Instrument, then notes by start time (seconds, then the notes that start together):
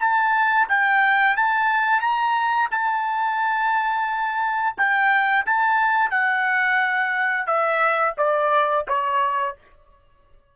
trumpet
0.00 A5
0.69 G5
1.37 A5
2.01 A#5
2.71 A5
4.78 G5
5.46 A5
6.11 F#5
7.47 E5
8.18 D5
8.88 C#5